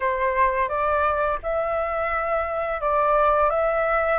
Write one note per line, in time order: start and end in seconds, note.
0.00 0.68 C5
0.68 1.38 D5
1.42 2.81 E5
2.81 3.50 D5
3.50 4.19 E5